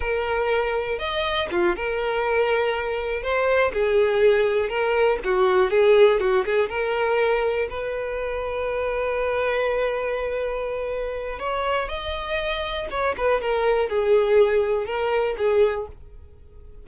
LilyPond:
\new Staff \with { instrumentName = "violin" } { \time 4/4 \tempo 4 = 121 ais'2 dis''4 f'8 ais'8~ | ais'2~ ais'8 c''4 gis'8~ | gis'4. ais'4 fis'4 gis'8~ | gis'8 fis'8 gis'8 ais'2 b'8~ |
b'1~ | b'2. cis''4 | dis''2 cis''8 b'8 ais'4 | gis'2 ais'4 gis'4 | }